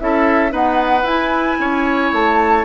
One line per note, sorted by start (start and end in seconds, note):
0.00 0.52 C#4
0.00 0.51 E4
0.00 0.52 A4
0.00 0.53 E5
0.51 1.04 B3
0.51 1.04 D#4
0.51 1.58 B4
0.51 1.07 F#5
1.04 1.57 E4
1.04 2.65 E4
1.04 2.13 G#5
1.59 2.12 C#4
1.59 2.65 C#5
2.12 2.65 A3
2.12 2.65 A5